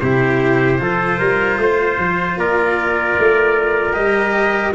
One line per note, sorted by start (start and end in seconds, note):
0.00 0.80 C3
0.00 0.78 E4
0.00 0.81 G4
0.00 2.37 C5
0.78 1.20 F3
0.78 3.93 F4
0.78 1.18 A4
1.18 1.58 G3
1.18 1.58 A#4
1.58 1.97 A3
1.58 2.39 C5
1.98 2.37 F3
2.37 3.16 A#3
2.37 4.75 A#4
2.37 3.94 D5
3.18 3.96 A3
3.93 4.75 G3
3.93 4.72 G4
3.93 4.73 D#5